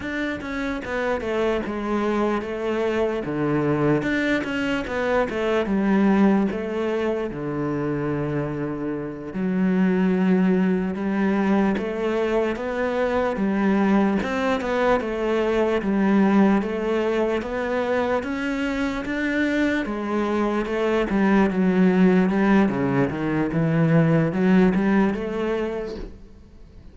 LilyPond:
\new Staff \with { instrumentName = "cello" } { \time 4/4 \tempo 4 = 74 d'8 cis'8 b8 a8 gis4 a4 | d4 d'8 cis'8 b8 a8 g4 | a4 d2~ d8 fis8~ | fis4. g4 a4 b8~ |
b8 g4 c'8 b8 a4 g8~ | g8 a4 b4 cis'4 d'8~ | d'8 gis4 a8 g8 fis4 g8 | cis8 dis8 e4 fis8 g8 a4 | }